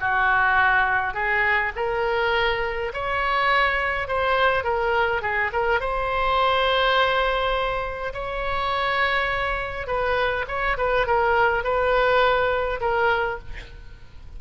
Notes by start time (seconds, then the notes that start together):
0.00 F#4
1.14 G#4
1.76 A#4
2.93 C#5
4.08 C5
4.64 A#4
5.22 G#4
5.52 A#4
5.80 C5
8.13 C#5
9.87 B4
10.48 C#5
10.77 B4
11.06 A#4
11.63 B4
12.80 A#4